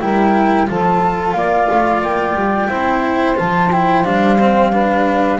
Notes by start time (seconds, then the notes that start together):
0.00 G3 E4 A#4 G5
0.67 F3 F4 A4 A5
1.32 A#3 D5 F5
1.71 A3
2.01 A#3 G5
2.34 G3
2.68 C4 E4 C5
3.36 F3 F4 A5
3.72 E4 G5
4.04 G3 D4 F5
4.39 C4
4.72 D4 B4